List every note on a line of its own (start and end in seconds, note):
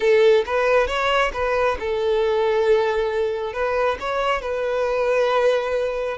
0.00 0.44 A4
0.46 0.87 B4
0.87 1.31 C#5
1.33 1.77 B4
1.79 3.53 A4
3.53 3.97 B4
4.00 4.41 C#5
4.41 6.17 B4